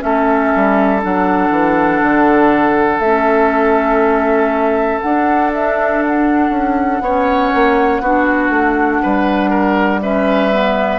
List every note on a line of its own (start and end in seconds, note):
0.00 0.55 A3
0.00 1.00 C#4
0.00 7.03 A4
0.00 1.02 E5
0.56 1.05 G3
1.03 1.51 F#3
1.03 3.03 D4
1.03 3.00 F#5
1.51 2.01 E3
2.02 3.00 D3
3.00 5.00 A3
3.00 5.04 C#4
3.00 5.00 E5
5.01 7.04 D4
5.01 6.50 D4
5.01 5.51 F#5
5.54 6.03 E5
6.03 10.02 F#5
6.50 7.00 C#4
7.01 7.51 B3
7.01 8.04 C#4
7.01 8.02 C#5
7.55 8.01 A#3
8.01 8.50 B3
8.01 10.02 D4
8.01 9.02 F#4
8.50 9.00 A3
9.03 11.00 G3
9.03 9.50 B4
9.50 10.00 A#4
10.02 10.52 C#4
10.02 11.00 B4
10.02 11.00 E5
10.52 11.00 B3